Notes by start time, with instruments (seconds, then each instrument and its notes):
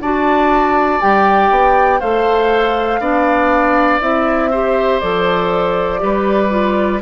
0.00 bassoon D4, clarinet F#4, oboe D5, flute A5
1.01 bassoon G3, clarinet G4, flute G5
1.51 bassoon B3
2.00 bassoon A3, clarinet A4, oboe C5, flute F5
3.00 bassoon B3, clarinet D4, oboe D5
4.01 bassoon C4, clarinet E4, flute E5
4.51 clarinet G4, oboe C5
5.00 bassoon F3, clarinet A4, flute D5
5.99 bassoon G3, clarinet G4, oboe B4
6.50 clarinet F4